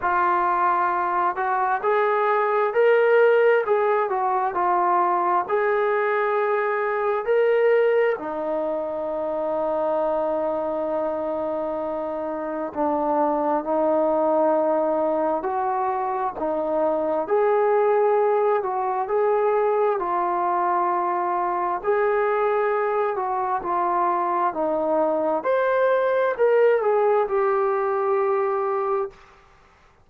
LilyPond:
\new Staff \with { instrumentName = "trombone" } { \time 4/4 \tempo 4 = 66 f'4. fis'8 gis'4 ais'4 | gis'8 fis'8 f'4 gis'2 | ais'4 dis'2.~ | dis'2 d'4 dis'4~ |
dis'4 fis'4 dis'4 gis'4~ | gis'8 fis'8 gis'4 f'2 | gis'4. fis'8 f'4 dis'4 | c''4 ais'8 gis'8 g'2 | }